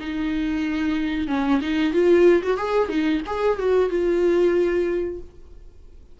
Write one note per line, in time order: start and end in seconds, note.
0.00 1.28 D#4
1.28 1.60 C#4
1.61 1.93 D#4
1.93 2.42 F4
2.43 2.57 F#4
2.57 2.89 G#4
2.89 3.21 D#4
3.26 3.59 G#4
3.59 3.90 F#4
3.90 5.20 F4